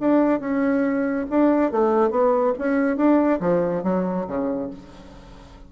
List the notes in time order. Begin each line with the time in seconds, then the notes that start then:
0.00 D4
0.40 C#4
1.31 D4
1.72 A3
2.11 B3
2.59 C#4
2.97 D4
3.41 F3
3.84 F#3
4.28 C#3